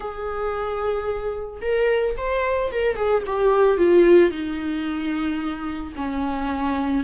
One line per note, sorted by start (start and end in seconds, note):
0.00 1.60 G#4
1.61 2.15 A#4
2.17 2.71 C5
2.71 2.96 A#4
2.96 3.23 G#4
3.26 3.77 G4
3.77 4.30 F4
4.30 5.93 D#4
5.96 7.04 C#4